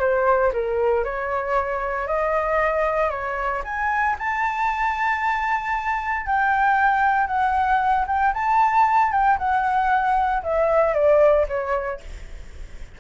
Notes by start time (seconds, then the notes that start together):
0.00 C5
0.53 A#4
1.05 C#5
2.07 D#5
3.10 C#5
3.64 G#5
4.19 A5
6.27 G5
7.27 F#5
8.07 G5
8.34 A5
9.12 G5
9.38 F#5
10.43 E5
10.94 D5
11.48 C#5